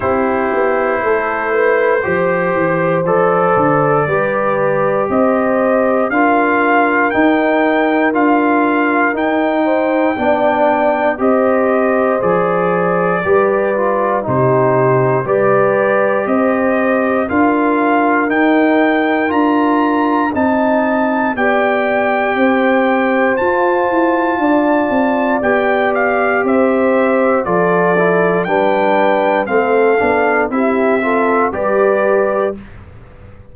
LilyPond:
<<
  \new Staff \with { instrumentName = "trumpet" } { \time 4/4 \tempo 4 = 59 c''2. d''4~ | d''4 dis''4 f''4 g''4 | f''4 g''2 dis''4 | d''2 c''4 d''4 |
dis''4 f''4 g''4 ais''4 | a''4 g''2 a''4~ | a''4 g''8 f''8 e''4 d''4 | g''4 f''4 e''4 d''4 | }
  \new Staff \with { instrumentName = "horn" } { \time 4/4 g'4 a'8 b'8 c''2 | b'4 c''4 ais'2~ | ais'4. c''8 d''4 c''4~ | c''4 b'4 g'4 b'4 |
c''4 ais'2. | dis''4 d''4 c''2 | d''2 c''4 a'4 | b'4 a'4 g'8 a'8 b'4 | }
  \new Staff \with { instrumentName = "trombone" } { \time 4/4 e'2 g'4 a'4 | g'2 f'4 dis'4 | f'4 dis'4 d'4 g'4 | gis'4 g'8 f'8 dis'4 g'4~ |
g'4 f'4 dis'4 f'4 | dis'4 g'2 f'4~ | f'4 g'2 f'8 e'8 | d'4 c'8 d'8 e'8 f'8 g'4 | }
  \new Staff \with { instrumentName = "tuba" } { \time 4/4 c'8 b8 a4 f8 e8 f8 d8 | g4 c'4 d'4 dis'4 | d'4 dis'4 b4 c'4 | f4 g4 c4 g4 |
c'4 d'4 dis'4 d'4 | c'4 b4 c'4 f'8 e'8 | d'8 c'8 b4 c'4 f4 | g4 a8 b8 c'4 g4 | }
>>